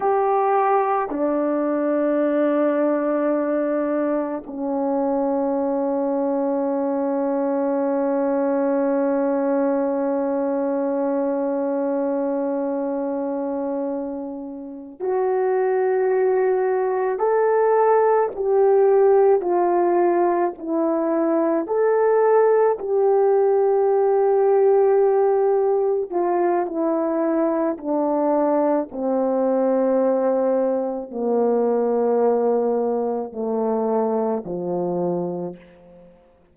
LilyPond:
\new Staff \with { instrumentName = "horn" } { \time 4/4 \tempo 4 = 54 g'4 d'2. | cis'1~ | cis'1~ | cis'4. fis'2 a'8~ |
a'8 g'4 f'4 e'4 a'8~ | a'8 g'2. f'8 | e'4 d'4 c'2 | ais2 a4 f4 | }